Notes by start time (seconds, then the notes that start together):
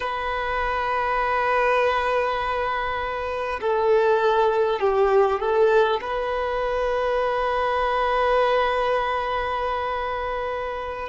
0.00 B4
3.60 A4
4.80 G4
5.39 A4
6.01 B4